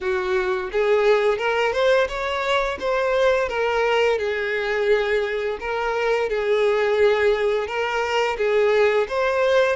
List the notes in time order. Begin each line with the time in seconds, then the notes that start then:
0.00 F#4
0.72 G#4
1.38 A#4
1.73 C5
2.08 C#5
2.79 C5
3.48 A#4
4.18 G#4
5.60 A#4
6.29 G#4
7.67 A#4
8.37 G#4
9.08 C5